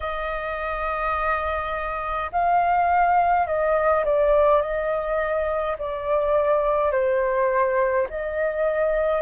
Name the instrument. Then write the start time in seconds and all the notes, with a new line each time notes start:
flute
0.00 D#5
2.32 F5
3.46 D#5
4.04 D5
4.61 D#5
5.78 D5
6.91 C5
8.09 D#5